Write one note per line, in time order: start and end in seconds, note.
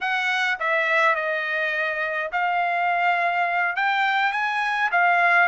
0.00 0.58 F#5
0.59 1.15 E5
1.15 2.30 D#5
2.32 3.76 F5
3.76 4.32 G5
4.32 4.90 G#5
4.91 5.48 F5